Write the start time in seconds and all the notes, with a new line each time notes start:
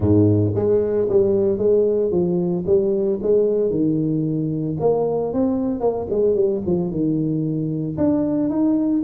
0.00 G#2
0.55 G#3
1.09 G3
1.58 G#3
2.11 F3
2.66 G3
3.22 G#3
3.70 D#3
4.80 A#3
5.33 C4
5.80 A#3
6.10 G#3
6.35 G3
6.66 F3
6.90 D#3
7.97 D4
8.49 D#4